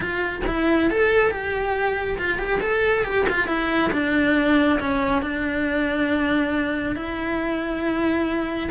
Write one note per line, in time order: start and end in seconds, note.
0.00 0.41 F4
0.46 0.90 E4
0.90 1.30 A4
1.30 2.17 G4
2.18 2.38 F4
2.38 2.60 G4
2.60 3.04 A4
3.04 3.26 G4
3.29 3.47 F4
3.47 3.91 E4
3.92 4.79 D4
4.79 5.22 C#4
5.22 6.95 D4
6.95 8.69 E4